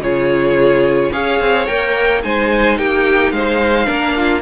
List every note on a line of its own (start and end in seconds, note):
0.00 1.10 C#3
0.00 1.12 F4
0.00 1.12 G#4
0.00 1.12 C#5
1.12 1.40 C#4
1.12 1.66 G#4
1.12 2.22 C#5
1.12 1.67 F5
1.40 1.68 C4
1.66 2.24 A#3
1.66 2.21 A#4
1.66 2.22 G5
2.22 2.78 G#3
2.22 3.85 D#4
2.22 2.78 C5
2.22 2.78 G#5
2.78 3.32 A#3
2.78 3.33 G4
2.78 3.31 G5
3.31 3.87 G#3
3.31 3.86 C5
3.31 4.41 F5
3.85 4.41 A#3
3.85 4.40 D4
3.85 4.14 A#4
4.16 4.41 F4